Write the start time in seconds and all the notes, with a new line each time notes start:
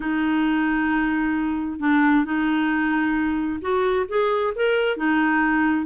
0.00 D#4
1.79 D4
2.25 D#4
3.61 F#4
4.08 G#4
4.55 A#4
4.96 D#4